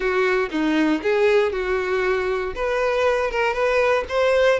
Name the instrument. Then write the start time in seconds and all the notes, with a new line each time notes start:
violin
0.00 F#4
0.51 D#4
1.02 G#4
1.52 F#4
2.55 B4
3.30 A#4
3.53 B4
4.08 C5